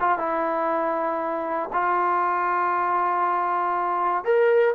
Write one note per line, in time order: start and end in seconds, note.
0.00 0.19 F4
0.19 1.70 E4
1.73 4.24 F4
4.24 4.75 A#4